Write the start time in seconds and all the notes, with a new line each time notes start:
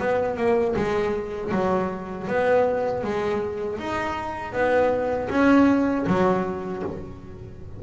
0.00 B3
0.37 A#3
0.76 G#3
1.52 F#3
2.28 B3
3.04 G#3
3.79 D#4
4.53 B3
5.30 C#4
6.07 F#3